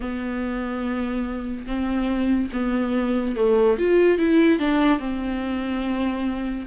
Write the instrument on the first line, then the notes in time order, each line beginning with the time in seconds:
viola
0.00 B3
1.66 C4
2.52 B3
3.35 A3
3.78 F4
4.18 E4
4.59 D4
4.99 C4